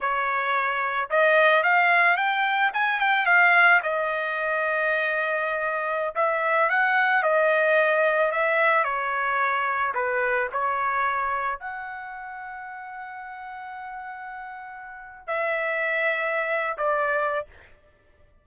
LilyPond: \new Staff \with { instrumentName = "trumpet" } { \time 4/4 \tempo 4 = 110 cis''2 dis''4 f''4 | g''4 gis''8 g''8 f''4 dis''4~ | dis''2.~ dis''16 e''8.~ | e''16 fis''4 dis''2 e''8.~ |
e''16 cis''2 b'4 cis''8.~ | cis''4~ cis''16 fis''2~ fis''8.~ | fis''1 | e''2~ e''8. d''4~ d''16 | }